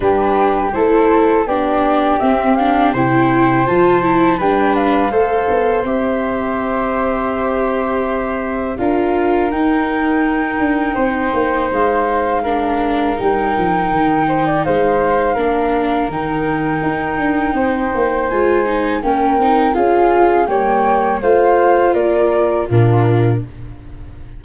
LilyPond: <<
  \new Staff \with { instrumentName = "flute" } { \time 4/4 \tempo 4 = 82 b'4 c''4 d''4 e''8 f''8 | g''4 a''4 g''8 f''4. | e''1 | f''4 g''2. |
f''2 g''2 | f''2 g''2~ | g''4 gis''4 g''4 f''4 | g''4 f''4 d''4 ais'4 | }
  \new Staff \with { instrumentName = "flute" } { \time 4/4 g'4 a'4 g'2 | c''2 b'4 c''4~ | c''1 | ais'2. c''4~ |
c''4 ais'2~ ais'8 c''16 d''16 | c''4 ais'2. | c''2 ais'4 gis'4 | cis''4 c''4 ais'4 f'4 | }
  \new Staff \with { instrumentName = "viola" } { \time 4/4 d'4 e'4 d'4 c'8 d'8 | e'4 f'8 e'8 d'4 a'4 | g'1 | f'4 dis'2.~ |
dis'4 d'4 dis'2~ | dis'4 d'4 dis'2~ | dis'4 f'8 dis'8 cis'8 dis'8 f'4 | ais4 f'2 d'4 | }
  \new Staff \with { instrumentName = "tuba" } { \time 4/4 g4 a4 b4 c'4 | c4 f4 g4 a8 b8 | c'1 | d'4 dis'4. d'8 c'8 ais8 |
gis2 g8 f8 dis4 | gis4 ais4 dis4 dis'8 d'8 | c'8 ais8 gis4 ais8 c'8 cis'4 | g4 a4 ais4 ais,4 | }
>>